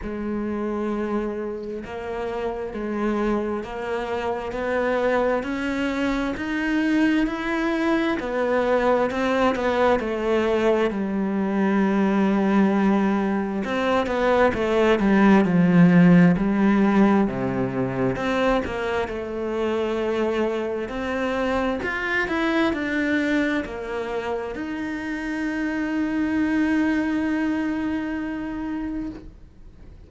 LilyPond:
\new Staff \with { instrumentName = "cello" } { \time 4/4 \tempo 4 = 66 gis2 ais4 gis4 | ais4 b4 cis'4 dis'4 | e'4 b4 c'8 b8 a4 | g2. c'8 b8 |
a8 g8 f4 g4 c4 | c'8 ais8 a2 c'4 | f'8 e'8 d'4 ais4 dis'4~ | dis'1 | }